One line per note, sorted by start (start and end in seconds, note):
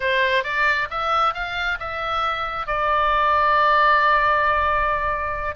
0.00 0.43 C5
0.43 0.88 D5
0.90 1.33 E5
1.33 1.78 F5
1.79 2.67 E5
2.67 5.55 D5